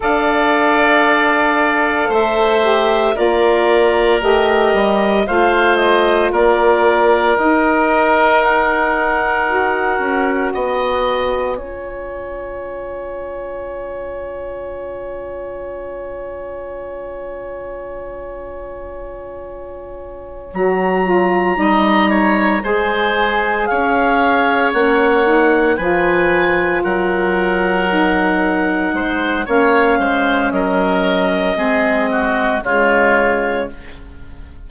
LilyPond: <<
  \new Staff \with { instrumentName = "clarinet" } { \time 4/4 \tempo 4 = 57 f''2 e''4 d''4 | dis''4 f''8 dis''8 d''4 dis''4 | fis''2 gis''2~ | gis''1~ |
gis''2.~ gis''8 ais''8~ | ais''4. gis''4 f''4 fis''8~ | fis''8 gis''4 fis''2~ fis''8 | f''4 dis''2 cis''4 | }
  \new Staff \with { instrumentName = "oboe" } { \time 4/4 d''2 c''4 ais'4~ | ais'4 c''4 ais'2~ | ais'2 dis''4 cis''4~ | cis''1~ |
cis''1~ | cis''8 dis''8 cis''8 c''4 cis''4.~ | cis''8 b'4 ais'2 c''8 | cis''8 c''8 ais'4 gis'8 fis'8 f'4 | }
  \new Staff \with { instrumentName = "saxophone" } { \time 4/4 a'2~ a'8 g'8 f'4 | g'4 f'2 dis'4~ | dis'4 fis'2 f'4~ | f'1~ |
f'2.~ f'8 fis'8 | f'8 dis'4 gis'2 cis'8 | dis'8 f'2 dis'4. | cis'2 c'4 gis4 | }
  \new Staff \with { instrumentName = "bassoon" } { \time 4/4 d'2 a4 ais4 | a8 g8 a4 ais4 dis'4~ | dis'4. cis'8 b4 cis'4~ | cis'1~ |
cis'2.~ cis'8 fis8~ | fis8 g4 gis4 cis'4 ais8~ | ais8 f4 fis2 gis8 | ais8 gis8 fis4 gis4 cis4 | }
>>